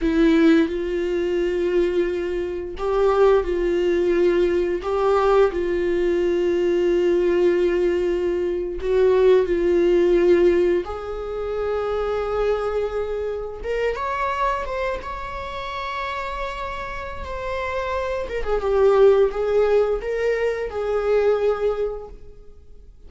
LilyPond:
\new Staff \with { instrumentName = "viola" } { \time 4/4 \tempo 4 = 87 e'4 f'2. | g'4 f'2 g'4 | f'1~ | f'8. fis'4 f'2 gis'16~ |
gis'2.~ gis'8. ais'16~ | ais'16 cis''4 c''8 cis''2~ cis''16~ | cis''4 c''4. ais'16 gis'16 g'4 | gis'4 ais'4 gis'2 | }